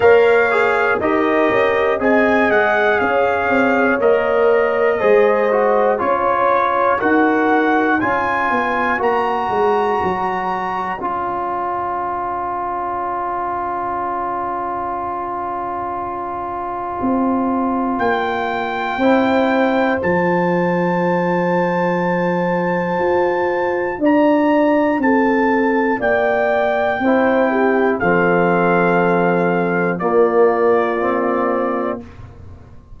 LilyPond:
<<
  \new Staff \with { instrumentName = "trumpet" } { \time 4/4 \tempo 4 = 60 f''4 dis''4 gis''8 fis''8 f''4 | dis''2 cis''4 fis''4 | gis''4 ais''2 gis''4~ | gis''1~ |
gis''2 g''2 | a''1 | ais''4 a''4 g''2 | f''2 d''2 | }
  \new Staff \with { instrumentName = "horn" } { \time 4/4 cis''4 ais'4 dis''4 cis''4~ | cis''4 c''4 cis''4 ais'4 | cis''1~ | cis''1~ |
cis''2. c''4~ | c''1 | d''4 a'4 d''4 c''8 g'8 | a'2 f'2 | }
  \new Staff \with { instrumentName = "trombone" } { \time 4/4 ais'8 gis'8 g'4 gis'2 | ais'4 gis'8 fis'8 f'4 fis'4 | f'4 fis'2 f'4~ | f'1~ |
f'2. e'4 | f'1~ | f'2. e'4 | c'2 ais4 c'4 | }
  \new Staff \with { instrumentName = "tuba" } { \time 4/4 ais4 dis'8 cis'8 c'8 gis8 cis'8 c'8 | ais4 gis4 cis'4 dis'4 | cis'8 b8 ais8 gis8 fis4 cis'4~ | cis'1~ |
cis'4 c'4 ais4 c'4 | f2. f'4 | d'4 c'4 ais4 c'4 | f2 ais2 | }
>>